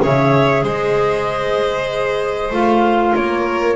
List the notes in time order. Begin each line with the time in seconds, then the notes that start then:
0.00 C#3 G#4 C#5 E5
0.62 G#3 C5 D#5
2.50 A3 F4 F5
3.14 A#3 A#4 C#5